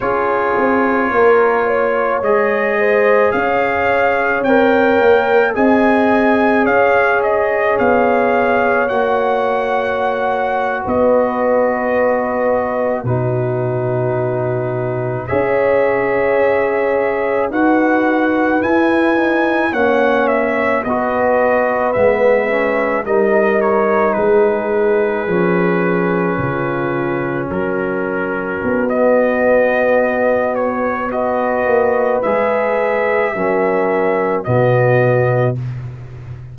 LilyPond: <<
  \new Staff \with { instrumentName = "trumpet" } { \time 4/4 \tempo 4 = 54 cis''2 dis''4 f''4 | g''4 gis''4 f''8 dis''8 f''4 | fis''4.~ fis''16 dis''2 b'16~ | b'4.~ b'16 e''2 fis''16~ |
fis''8. gis''4 fis''8 e''8 dis''4 e''16~ | e''8. dis''8 cis''8 b'2~ b'16~ | b'8. ais'4~ ais'16 dis''4. cis''8 | dis''4 e''2 dis''4 | }
  \new Staff \with { instrumentName = "horn" } { \time 4/4 gis'4 ais'8 cis''4 c''8 cis''4~ | cis''4 dis''4 cis''2~ | cis''4.~ cis''16 b'2 fis'16~ | fis'4.~ fis'16 cis''2 b'16~ |
b'4.~ b'16 cis''4 b'4~ b'16~ | b'8. ais'4 gis'2 f'16~ | f'8. fis'2.~ fis'16 | b'2 ais'4 fis'4 | }
  \new Staff \with { instrumentName = "trombone" } { \time 4/4 f'2 gis'2 | ais'4 gis'2. | fis'2.~ fis'8. dis'16~ | dis'4.~ dis'16 gis'2 fis'16~ |
fis'8. e'8 dis'8 cis'4 fis'4 b16~ | b16 cis'8 dis'2 cis'4~ cis'16~ | cis'2 b2 | fis'4 gis'4 cis'4 b4 | }
  \new Staff \with { instrumentName = "tuba" } { \time 4/4 cis'8 c'8 ais4 gis4 cis'4 | c'8 ais8 c'4 cis'4 b4 | ais4.~ ais16 b2 b,16~ | b,4.~ b,16 cis'2 dis'16~ |
dis'8. e'4 ais4 b4 gis16~ | gis8. g4 gis4 f4 cis16~ | cis8. fis4 b2~ b16~ | b8 ais8 gis4 fis4 b,4 | }
>>